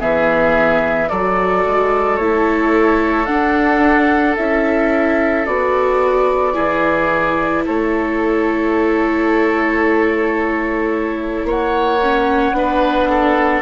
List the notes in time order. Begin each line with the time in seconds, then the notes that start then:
0.00 E3 B3 G#4 E5
1.09 F#3 F#4 A4 D5
1.66 G#3
2.17 A3 E4 C#5
3.26 D4 F#5
4.37 C#4 E4 E5
5.46 B3 F#4 D5
6.54 E3 E4 G#4
7.65 A3 A4 C#5
11.44 A#3 C#5 F#5
12.03 C#4
12.52 B3 D4 B4
13.10 A4